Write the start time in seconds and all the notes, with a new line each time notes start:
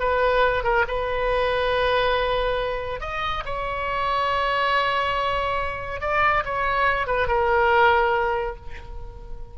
0.00 B4
0.64 A#4
0.88 B4
3.01 D#5
3.45 C#5
6.01 D5
6.45 C#5
7.07 B4
7.28 A#4